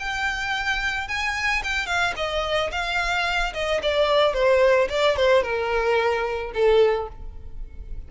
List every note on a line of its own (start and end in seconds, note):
0.00 1.08 G5
1.08 1.63 G#5
1.64 1.87 G5
1.87 2.14 F5
2.17 2.71 D#5
2.72 3.54 F5
3.54 3.81 D#5
3.83 4.34 D5
4.34 4.88 C5
4.90 5.17 D5
5.17 5.43 C5
5.43 6.52 A#4
6.54 7.09 A4